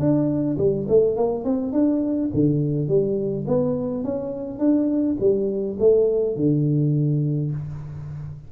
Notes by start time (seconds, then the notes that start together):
0.00 D4
0.58 G3
0.89 A3
1.17 A#3
1.45 C4
1.73 D4
2.34 D3
2.88 G3
3.48 B3
4.04 C#4
4.59 D4
5.21 G3
5.80 A3
6.36 D3